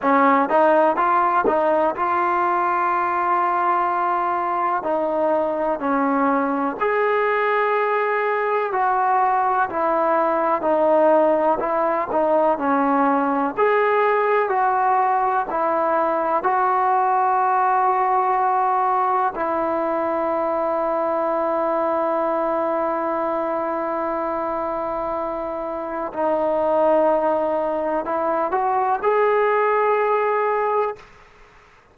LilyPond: \new Staff \with { instrumentName = "trombone" } { \time 4/4 \tempo 4 = 62 cis'8 dis'8 f'8 dis'8 f'2~ | f'4 dis'4 cis'4 gis'4~ | gis'4 fis'4 e'4 dis'4 | e'8 dis'8 cis'4 gis'4 fis'4 |
e'4 fis'2. | e'1~ | e'2. dis'4~ | dis'4 e'8 fis'8 gis'2 | }